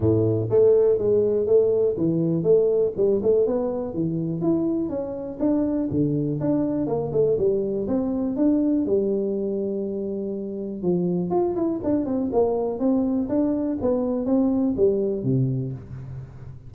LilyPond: \new Staff \with { instrumentName = "tuba" } { \time 4/4 \tempo 4 = 122 a,4 a4 gis4 a4 | e4 a4 g8 a8 b4 | e4 e'4 cis'4 d'4 | d4 d'4 ais8 a8 g4 |
c'4 d'4 g2~ | g2 f4 f'8 e'8 | d'8 c'8 ais4 c'4 d'4 | b4 c'4 g4 c4 | }